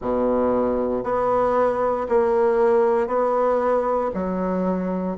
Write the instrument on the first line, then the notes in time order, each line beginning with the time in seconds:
bassoon
0.01 B2
1.03 B3
2.08 A#3
3.07 B3
4.14 F#3